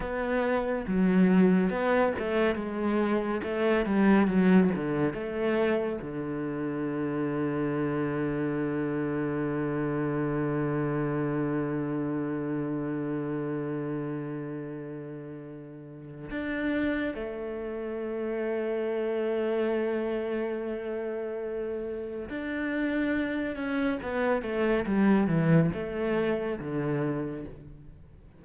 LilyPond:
\new Staff \with { instrumentName = "cello" } { \time 4/4 \tempo 4 = 70 b4 fis4 b8 a8 gis4 | a8 g8 fis8 d8 a4 d4~ | d1~ | d1~ |
d2. d'4 | a1~ | a2 d'4. cis'8 | b8 a8 g8 e8 a4 d4 | }